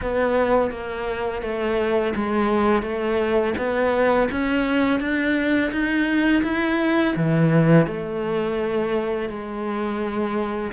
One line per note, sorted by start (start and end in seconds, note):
0.01 0.70 B3
0.70 1.42 A#3
1.42 2.13 A3
2.15 2.82 G#3
2.82 3.53 A3
3.57 4.29 B3
4.31 4.99 C#4
4.99 5.71 D4
5.71 6.43 D#4
6.43 7.14 E4
7.16 7.86 E3
7.86 9.29 A3
9.29 10.71 G#3